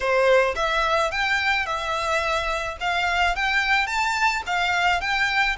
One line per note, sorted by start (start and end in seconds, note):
0.00 0.55 C5
0.55 1.11 E5
1.11 1.66 G5
1.66 2.77 E5
2.80 3.35 F5
3.35 3.87 G5
3.87 4.42 A5
4.46 5.00 F5
5.00 5.56 G5